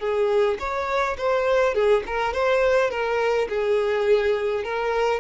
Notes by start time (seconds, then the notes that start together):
0.00 G#4
0.60 C#5
1.18 C5
1.75 G#4
2.07 A#4
2.33 C5
2.91 A#4
3.49 G#4
4.64 A#4